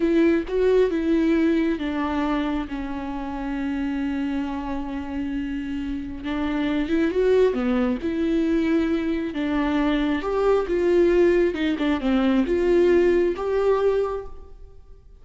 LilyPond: \new Staff \with { instrumentName = "viola" } { \time 4/4 \tempo 4 = 135 e'4 fis'4 e'2 | d'2 cis'2~ | cis'1~ | cis'2 d'4. e'8 |
fis'4 b4 e'2~ | e'4 d'2 g'4 | f'2 dis'8 d'8 c'4 | f'2 g'2 | }